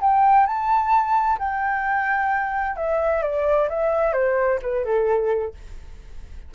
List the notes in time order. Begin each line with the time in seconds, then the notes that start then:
0.00 G5
0.46 A5
1.39 G5
2.76 E5
3.22 D5
3.69 E5
4.13 C5
4.62 B4
4.85 A4